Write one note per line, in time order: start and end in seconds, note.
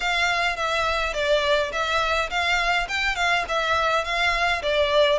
0.00 0.56 F5
0.56 1.13 E5
1.13 1.71 D5
1.72 2.29 E5
2.29 2.87 F5
2.88 3.15 G5
3.15 3.44 F5
3.48 4.04 E5
4.04 4.62 F5
4.62 5.18 D5